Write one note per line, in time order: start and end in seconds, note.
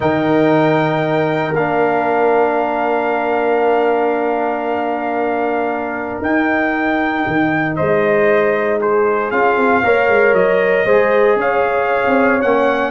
0.00 1.52 D#3
0.00 1.53 D#4
0.00 7.76 A#4
0.00 1.54 G5
1.52 6.17 A#3
1.52 6.23 D4
1.52 6.20 F5
6.21 7.24 D#4
6.21 9.32 D#4
6.21 7.75 G5
7.27 7.78 D#3
7.75 9.31 G#3
7.75 8.79 C5
7.75 8.79 D#5
8.79 9.83 G#4
8.79 9.30 C5
9.30 9.56 C#4
9.30 9.83 F4
9.30 10.34 F5
9.56 9.82 C4
9.82 10.08 A#3
9.82 10.87 A#4
9.82 10.85 C#5
10.08 10.32 G#3
10.32 10.84 F#3
10.32 11.38 D#5
10.84 11.35 G#3
10.84 12.41 G#4
10.84 11.37 C5
11.35 12.00 C#4
11.35 12.90 C#5
11.35 12.41 F5
12.06 12.43 C4
12.41 12.90 A#3
12.41 12.90 C#4
12.41 12.90 F#5